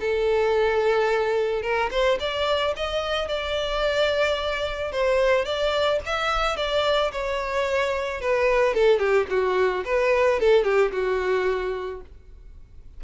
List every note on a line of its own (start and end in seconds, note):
0.00 1.62 A4
1.62 1.89 A#4
1.91 2.18 C5
2.19 2.74 D5
2.76 3.28 D#5
3.28 4.92 D5
4.92 5.45 C5
5.45 5.99 D5
6.06 6.57 E5
6.57 7.11 D5
7.12 8.21 C#5
8.21 8.74 B4
8.74 8.99 A4
8.99 9.26 G4
9.30 9.84 F#4
9.85 10.40 B4
10.40 10.64 A4
10.64 10.91 G4
10.92 12.01 F#4